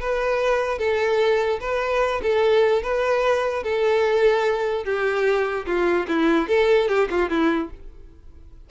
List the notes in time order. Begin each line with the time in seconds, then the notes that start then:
0.00 B4
0.78 A4
1.61 B4
2.22 A4
2.82 B4
3.63 A4
4.85 G4
5.66 F4
6.08 E4
6.48 A4
6.88 G4
7.11 F4
7.30 E4